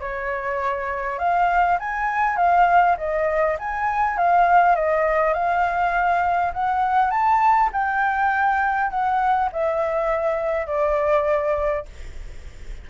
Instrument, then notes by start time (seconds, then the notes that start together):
flute
0.00 C#5
1.18 F5
1.79 G#5
2.36 F5
2.97 D#5
3.59 G#5
4.17 F5
4.75 D#5
5.33 F5
6.53 F#5
7.10 A5
7.72 G5
8.90 F#5
9.52 E5
10.66 D5